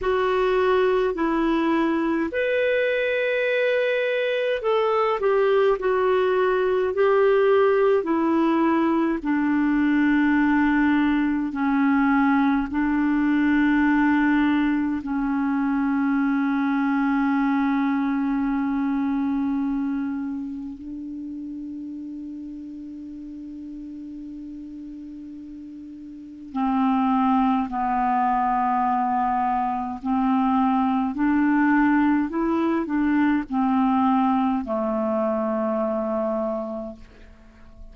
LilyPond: \new Staff \with { instrumentName = "clarinet" } { \time 4/4 \tempo 4 = 52 fis'4 e'4 b'2 | a'8 g'8 fis'4 g'4 e'4 | d'2 cis'4 d'4~ | d'4 cis'2.~ |
cis'2 d'2~ | d'2. c'4 | b2 c'4 d'4 | e'8 d'8 c'4 a2 | }